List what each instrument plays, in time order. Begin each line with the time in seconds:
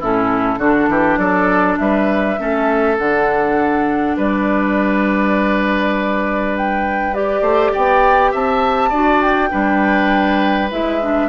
0.00 bassoon A2, clarinet C#4, oboe E4, flute A4
0.58 bassoon D3, clarinet D4, oboe F#4
0.89 bassoon E3, oboe G4
1.17 bassoon F#3, oboe A4, flute D5
1.79 bassoon G3, oboe B4, flute E5
2.38 bassoon A3, clarinet C#4, oboe A4
2.98 bassoon D3, clarinet D4, flute F#5
4.17 bassoon G3, oboe B4, flute D5
6.57 flute G5
7.13 clarinet G4, flute D5
7.41 bassoon A3, oboe C5
7.73 bassoon B3, oboe D5, flute G5
8.32 bassoon C4, oboe E5, flute A5
8.90 bassoon D4, clarinet F#4, oboe D5
9.22 flute G5
9.50 bassoon G3, clarinet D4, oboe B4
10.71 bassoon G#3, clarinet E4, flute E5
11.01 clarinet D4